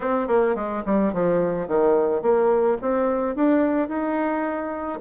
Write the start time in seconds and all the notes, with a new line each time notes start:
0.00 C4
0.27 A#3
0.55 G#3
0.85 G3
1.13 F3
1.67 D#3
2.22 A#3
2.81 C4
3.35 D4
3.88 D#4